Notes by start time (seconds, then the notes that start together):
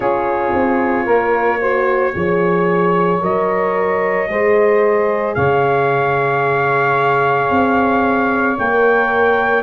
0.00 C#4 F4 G#4 C#5
0.53 C4
1.05 A#3 A#4
1.60 F#4 C5
2.14 F3 G#4 C#5
3.20 F#3 A#4 D#5
4.28 G#3 G#4 C5
5.35 C#3 C#5 F5
7.50 C4
8.58 A#3 A#4 G5